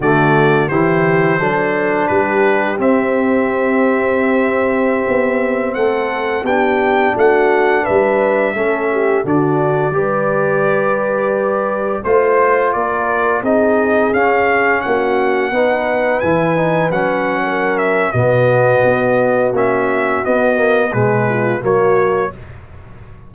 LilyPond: <<
  \new Staff \with { instrumentName = "trumpet" } { \time 4/4 \tempo 4 = 86 d''4 c''2 b'4 | e''1~ | e''16 fis''4 g''4 fis''4 e''8.~ | e''4~ e''16 d''2~ d''8.~ |
d''4~ d''16 c''4 d''4 dis''8.~ | dis''16 f''4 fis''2 gis''8.~ | gis''16 fis''4~ fis''16 e''8 dis''2 | e''4 dis''4 b'4 cis''4 | }
  \new Staff \with { instrumentName = "horn" } { \time 4/4 fis'4 g'4 a'4 g'4~ | g'1~ | g'16 a'4 g'4 fis'4 b'8.~ | b'16 a'8 g'8 fis'4 b'4.~ b'16~ |
b'4~ b'16 c''4 ais'4 gis'8.~ | gis'4~ gis'16 fis'4 b'4.~ b'16~ | b'4 ais'4 fis'2~ | fis'2 gis'8 f'8 fis'4 | }
  \new Staff \with { instrumentName = "trombone" } { \time 4/4 a4 e'4 d'2 | c'1~ | c'4~ c'16 d'2~ d'8.~ | d'16 cis'4 d'4 g'4.~ g'16~ |
g'4~ g'16 f'2 dis'8.~ | dis'16 cis'2 dis'4 e'8 dis'16~ | dis'16 cis'4.~ cis'16 b2 | cis'4 b8 ais8 gis4 ais4 | }
  \new Staff \with { instrumentName = "tuba" } { \time 4/4 d4 e4 fis4 g4 | c'2.~ c'16 b8.~ | b16 a4 b4 a4 g8.~ | g16 a4 d4 g4.~ g16~ |
g4~ g16 a4 ais4 c'8.~ | c'16 cis'4 ais4 b4 e8.~ | e16 fis4.~ fis16 b,4 b4 | ais4 b4 b,4 fis4 | }
>>